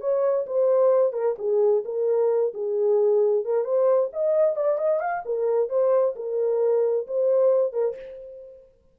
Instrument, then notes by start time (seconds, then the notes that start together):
horn
0.00 C#5
0.46 C5
1.13 A#4
1.38 G#4
1.85 A#4
2.54 G#4
3.44 A#4
3.64 C5
4.12 D#5
4.56 D5
4.78 D#5
5.00 F5
5.25 A#4
5.69 C5
6.15 A#4
7.07 C5
7.73 A#4